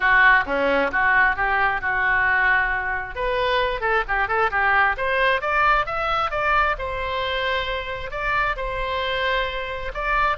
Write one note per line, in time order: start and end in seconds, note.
0.00 0.44 F#4
0.46 0.91 C#4
0.91 1.36 F#4
1.36 1.81 G4
1.81 3.15 F#4
3.15 3.80 B4
3.80 4.03 A4
4.08 4.28 G4
4.28 4.50 A4
4.51 4.96 G4
4.97 5.41 C5
5.41 5.85 D5
5.85 6.31 E5
6.31 6.76 D5
6.78 8.11 C5
8.11 8.56 D5
8.56 9.91 C5
9.94 10.37 D5